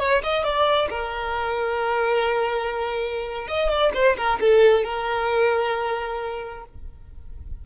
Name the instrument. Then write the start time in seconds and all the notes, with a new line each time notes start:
violin
0.00 C#5
0.24 D#5
0.44 D5
0.90 A#4
3.48 D#5
3.70 D5
3.94 C5
4.17 A#4
4.41 A4
4.84 A#4